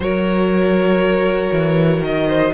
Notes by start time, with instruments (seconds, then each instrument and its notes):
0.00 cello F#3, viola F#4, violin A#4 C#5
1.52 cello E3
2.01 cello D#3, violin D#5
2.27 violin C5